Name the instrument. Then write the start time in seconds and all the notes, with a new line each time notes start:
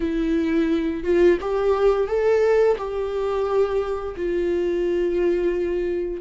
viola
0.00 E4
1.03 F4
1.40 G4
2.07 A4
2.77 G4
4.16 F4